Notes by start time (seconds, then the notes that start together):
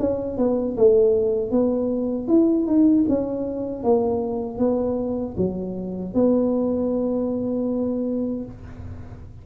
0.00 C#4
0.38 B3
0.78 A3
1.51 B3
2.28 E4
2.67 D#4
3.09 C#4
3.84 A#3
4.59 B3
5.38 F#3
6.15 B3